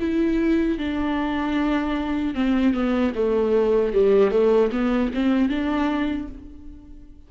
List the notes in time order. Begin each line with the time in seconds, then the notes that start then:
0.00 E4
0.79 D4
2.35 C4
2.74 B3
3.15 A3
3.93 G3
4.31 A3
4.72 B3
5.14 C4
5.49 D4